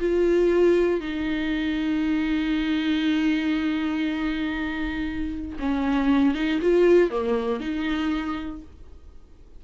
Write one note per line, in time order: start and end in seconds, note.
0.00 1.01 F4
1.01 5.59 D#4
5.60 6.35 C#4
6.35 6.60 D#4
6.62 7.11 F4
7.11 7.60 A#3
7.60 8.62 D#4